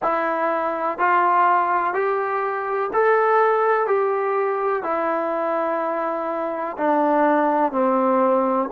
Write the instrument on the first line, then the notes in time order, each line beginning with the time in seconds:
trombone
0.02 E4
0.98 F4
1.94 G4
2.93 A4
3.87 G4
4.83 E4
6.77 D4
7.72 C4